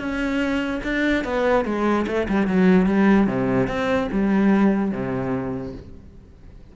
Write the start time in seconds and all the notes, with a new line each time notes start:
0.00 C#4
0.84 D4
1.25 B3
1.66 G#3
2.07 A3
2.29 G3
2.47 F#3
2.87 G3
3.27 C3
3.68 C4
4.12 G3
4.92 C3